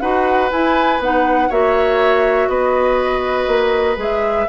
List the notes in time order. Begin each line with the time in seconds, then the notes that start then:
0.00 D#4 F#4 B4 F#5
0.51 E4 G#5
1.00 B3 D#4 F#5
1.49 A#3 F#4 C#5 E5
2.48 B3 B4 D#5
3.47 A#3
3.97 G#3 G#4 E5